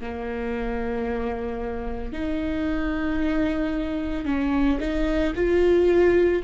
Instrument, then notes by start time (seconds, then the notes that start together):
viola
0.00 A#3
2.13 D#4
4.25 C#4
4.80 D#4
5.35 F4